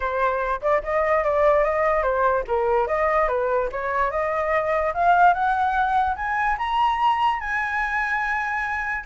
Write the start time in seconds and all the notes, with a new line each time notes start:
0.00 C5
0.61 D5
0.83 D#5
1.23 D5
1.63 D#5
2.02 C5
2.47 A#4
2.87 D#5
3.28 B4
3.71 C#5
4.11 D#5
4.93 F5
5.33 F#5
6.16 G#5
6.58 A#5
7.40 G#5